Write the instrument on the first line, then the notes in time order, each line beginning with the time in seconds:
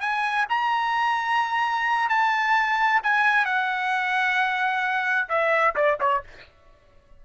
trumpet
0.00 G#5
0.49 A#5
2.09 A5
3.03 G#5
3.45 F#5
5.29 E5
5.75 D5
6.00 C#5